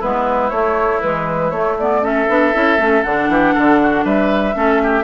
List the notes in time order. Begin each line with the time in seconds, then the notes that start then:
0.00 G#3 B3 E4 B4
0.50 A3 C#5
1.02 E3 G#3 B4
1.51 A3 C#5
1.79 B3 D5
2.03 C#4 A4 E5
2.29 B3 D4
2.54 C#4 E4
2.78 A3 C#4
3.04 D3 D4 F#5
3.29 E3 G4
3.54 D3 A4
3.84 F#4
4.05 G3 B4 E5
4.54 A3 C#4 A4
4.84 G4